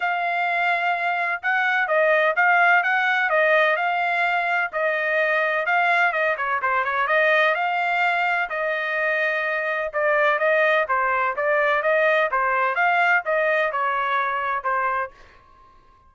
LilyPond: \new Staff \with { instrumentName = "trumpet" } { \time 4/4 \tempo 4 = 127 f''2. fis''4 | dis''4 f''4 fis''4 dis''4 | f''2 dis''2 | f''4 dis''8 cis''8 c''8 cis''8 dis''4 |
f''2 dis''2~ | dis''4 d''4 dis''4 c''4 | d''4 dis''4 c''4 f''4 | dis''4 cis''2 c''4 | }